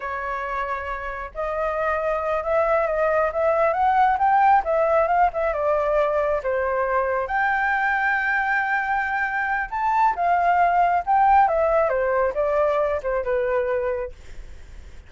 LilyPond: \new Staff \with { instrumentName = "flute" } { \time 4/4 \tempo 4 = 136 cis''2. dis''4~ | dis''4. e''4 dis''4 e''8~ | e''8 fis''4 g''4 e''4 f''8 | e''8 d''2 c''4.~ |
c''8 g''2.~ g''8~ | g''2 a''4 f''4~ | f''4 g''4 e''4 c''4 | d''4. c''8 b'2 | }